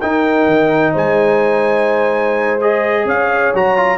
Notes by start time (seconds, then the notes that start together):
0.00 D#4 A#4 G5
0.46 D#3
0.93 G#3 C5 G#5
2.61 G#4 D#5
3.05 C#4 C#5 F5
3.54 F#3 F#4 A#5
3.77 F4